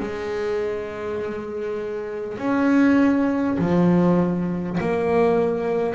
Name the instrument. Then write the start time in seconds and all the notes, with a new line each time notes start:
double bass
0.00 G#3
2.38 C#4
3.58 F3
4.80 A#3